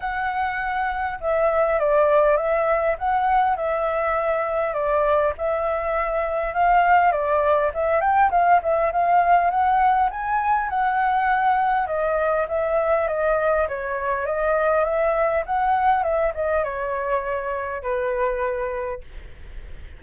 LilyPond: \new Staff \with { instrumentName = "flute" } { \time 4/4 \tempo 4 = 101 fis''2 e''4 d''4 | e''4 fis''4 e''2 | d''4 e''2 f''4 | d''4 e''8 g''8 f''8 e''8 f''4 |
fis''4 gis''4 fis''2 | dis''4 e''4 dis''4 cis''4 | dis''4 e''4 fis''4 e''8 dis''8 | cis''2 b'2 | }